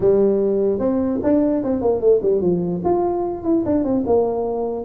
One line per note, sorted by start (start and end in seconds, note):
0.00 0.79 G3
0.79 1.19 C4
1.23 1.63 D4
1.63 1.81 C4
1.81 2.00 A#3
2.00 2.20 A3
2.22 2.41 G3
2.41 2.81 F3
2.84 3.43 F4
3.43 3.64 E4
3.65 3.83 D4
3.83 4.04 C4
4.06 4.84 A#3